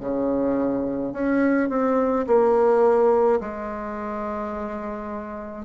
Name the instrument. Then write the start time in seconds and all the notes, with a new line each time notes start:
bassoon
0.00 C#3
1.12 C#4
1.69 C4
2.26 A#3
3.40 G#3